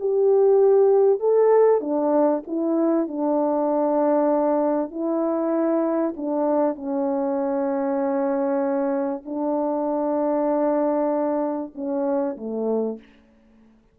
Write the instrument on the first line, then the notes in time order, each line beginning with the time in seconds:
horn
0.00 G4
1.20 A4
1.81 D4
2.47 E4
3.08 D4
4.91 E4
6.17 D4
6.76 C#4
9.26 D4
11.75 C#4
12.38 A3